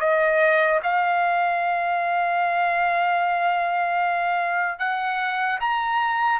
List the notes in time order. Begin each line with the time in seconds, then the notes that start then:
0.00 D#5
0.83 F5
4.79 F#5
5.60 A#5